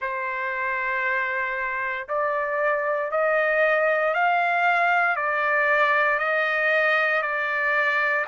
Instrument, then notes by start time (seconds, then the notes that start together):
trumpet
0.00 C5
2.08 D5
3.11 D#5
4.14 F5
5.16 D5
6.18 D#5
7.21 D5